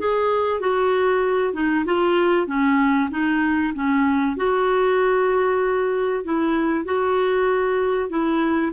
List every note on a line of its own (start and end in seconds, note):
0.00 0.61 G#4
0.61 1.54 F#4
1.54 1.85 D#4
1.86 2.47 F4
2.47 3.10 C#4
3.11 3.74 D#4
3.75 4.37 C#4
4.37 6.24 F#4
6.25 6.86 E4
6.86 8.10 F#4
8.10 8.72 E4